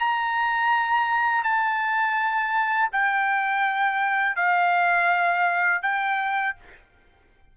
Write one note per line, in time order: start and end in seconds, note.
0.00 1.44 A#5
1.44 2.90 A5
2.93 4.36 G5
4.36 5.82 F5
5.82 6.56 G5